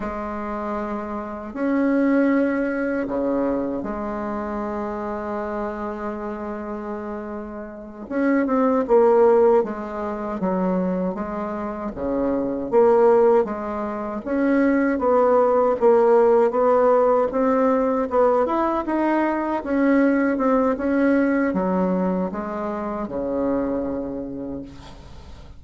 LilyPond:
\new Staff \with { instrumentName = "bassoon" } { \time 4/4 \tempo 4 = 78 gis2 cis'2 | cis4 gis2.~ | gis2~ gis8 cis'8 c'8 ais8~ | ais8 gis4 fis4 gis4 cis8~ |
cis8 ais4 gis4 cis'4 b8~ | b8 ais4 b4 c'4 b8 | e'8 dis'4 cis'4 c'8 cis'4 | fis4 gis4 cis2 | }